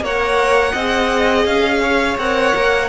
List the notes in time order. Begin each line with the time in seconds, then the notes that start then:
0.00 A#3 A#4 C#5 F#5
0.72 C4 G#4 D#5
1.45 C#4 F5
1.82 C#5
2.17 C4 A#4 F#5
2.55 A#3